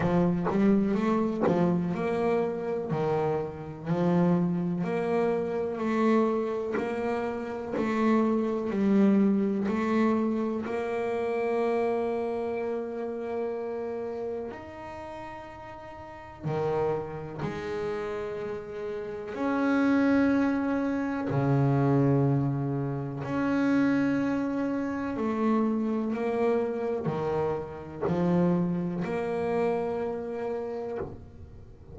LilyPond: \new Staff \with { instrumentName = "double bass" } { \time 4/4 \tempo 4 = 62 f8 g8 a8 f8 ais4 dis4 | f4 ais4 a4 ais4 | a4 g4 a4 ais4~ | ais2. dis'4~ |
dis'4 dis4 gis2 | cis'2 cis2 | cis'2 a4 ais4 | dis4 f4 ais2 | }